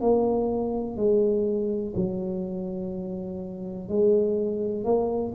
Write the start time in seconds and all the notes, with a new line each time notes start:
0.00 A#3
0.96 G#3
1.95 F#3
3.88 G#3
4.84 A#3